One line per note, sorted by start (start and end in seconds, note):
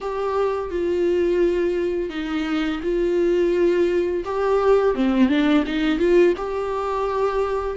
0.00 0.70 G4
0.70 2.09 F4
2.09 2.80 D#4
2.82 4.24 F4
4.24 4.94 G4
4.94 5.28 C4
5.28 5.63 D4
5.66 5.98 D#4
5.98 6.33 F4
6.37 7.77 G4